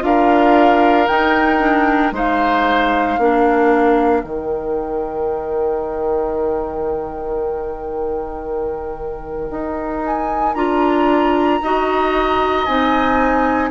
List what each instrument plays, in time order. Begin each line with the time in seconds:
0.00 bassoon D4, clarinet F4, oboe A#4, flute F5
1.07 clarinet D#4, bassoon D#4, flute G5
1.59 clarinet D4
2.12 bassoon G#3, clarinet D#4, oboe C5, flute F5
3.18 bassoon A#3, clarinet D4, oboe A#4
4.23 bassoon D#3, clarinet D#4, flute G5
9.50 bassoon D#4
10.05 flute G#5
10.54 bassoon D4, clarinet F4, flute A#5
11.61 bassoon D#4, clarinet F#4, oboe D#5
12.65 bassoon C4, clarinet D#4, flute G#5